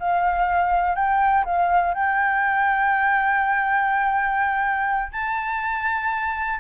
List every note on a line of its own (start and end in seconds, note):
0.00 0.95 F5
0.95 1.45 G5
1.45 1.94 F5
1.94 5.13 G5
5.13 6.60 A5